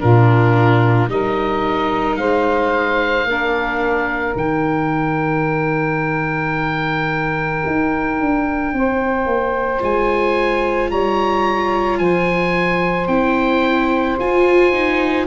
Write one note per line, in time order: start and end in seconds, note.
0.00 1.08 A#2
0.00 1.09 D4
0.00 1.09 F4
0.00 1.10 A#4
1.08 2.17 G3
1.08 3.27 D#4
1.08 2.19 A#4
1.08 2.17 D#5
2.17 3.25 G#3
2.17 3.28 C5
2.17 4.35 F5
3.25 4.34 A#3
3.25 4.35 D4
3.25 8.74 A#4
4.35 7.63 D#3
4.35 9.80 D#4
4.35 9.83 G5
7.66 8.20 D#4
8.20 8.73 D4
8.73 9.26 C4
8.73 10.91 C5
9.26 9.81 A#3
9.80 10.91 G#3
9.80 13.07 F4
9.80 10.91 G#5
10.91 12.00 G3
10.91 12.00 C#5
10.91 11.99 A#5
11.99 13.08 F3
11.99 15.27 C5
11.99 13.08 G#5
13.08 14.17 C4
13.08 14.18 E4
13.08 14.17 G5
14.19 15.27 F4
14.19 14.73 F4
14.19 15.27 G#5
14.73 15.27 D#4